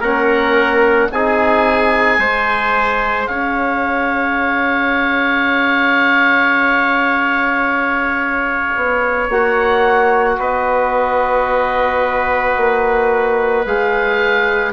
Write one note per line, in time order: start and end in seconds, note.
0.00 1.09 A#3
0.00 1.12 C#4
0.00 1.09 A#4
0.00 1.12 F#5
1.11 2.19 C4
1.11 2.19 D#4
1.11 2.20 G#4
1.11 3.27 G#5
2.19 3.28 G#3
2.19 9.28 G#4
2.19 3.29 C5
3.27 8.74 C#4
3.27 10.38 C#5
3.27 9.27 F5
8.76 9.29 B3
9.29 10.38 A#3
9.29 13.67 F#4
9.29 10.41 F#5
10.38 12.57 B3
10.38 14.73 B4
10.38 13.67 D#5
12.57 13.66 A#3
13.66 14.73 G#3
13.66 14.73 G#4
13.66 14.73 F5